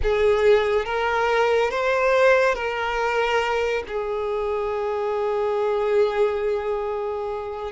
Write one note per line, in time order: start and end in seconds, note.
0.02 0.85 G#4
0.85 1.70 A#4
1.70 2.54 C5
2.54 3.83 A#4
3.87 7.71 G#4